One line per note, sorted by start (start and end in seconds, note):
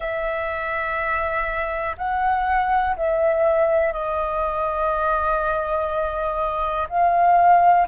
0.00 1.96 E5
1.97 2.96 F#5
2.96 3.92 E5
3.92 6.87 D#5
6.89 7.87 F5